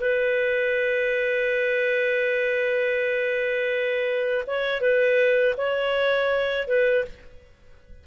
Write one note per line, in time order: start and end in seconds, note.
0.00 4.44 B4
4.46 4.80 C#5
4.80 5.55 B4
5.57 6.67 C#5
6.67 7.04 B4